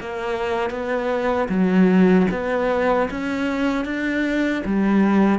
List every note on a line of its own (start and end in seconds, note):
0.00 0.70 A#3
0.70 1.48 B3
1.49 2.27 F#3
2.31 3.09 B3
3.11 3.85 C#4
3.85 4.63 D4
4.66 5.39 G3